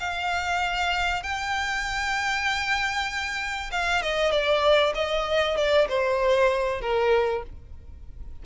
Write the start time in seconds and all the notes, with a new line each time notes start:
0.00 F5
1.23 G5
3.72 F5
4.03 D#5
4.32 D5
4.95 D#5
5.57 D5
5.89 C5
6.81 A#4